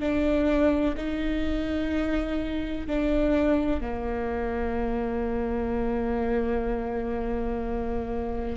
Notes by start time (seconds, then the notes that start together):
0.00 D4
0.97 D#4
2.87 D4
3.81 A#3